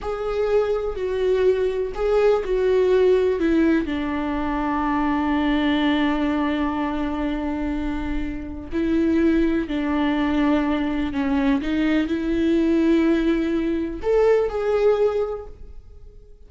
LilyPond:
\new Staff \with { instrumentName = "viola" } { \time 4/4 \tempo 4 = 124 gis'2 fis'2 | gis'4 fis'2 e'4 | d'1~ | d'1~ |
d'2 e'2 | d'2. cis'4 | dis'4 e'2.~ | e'4 a'4 gis'2 | }